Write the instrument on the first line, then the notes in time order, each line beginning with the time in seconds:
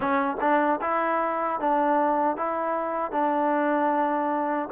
trombone
0.00 C#4
0.40 D4
0.81 E4
1.60 D4
2.36 E4
3.11 D4